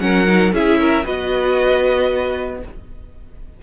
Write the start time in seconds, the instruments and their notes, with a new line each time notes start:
0.00 cello F#3, viola C#4, violin A#4 F#5
0.26 viola D#4
0.53 cello C#4, viola E4, violin G#4 E5
0.80 violin A#4
1.03 cello B3, viola F#4, violin B4 D#5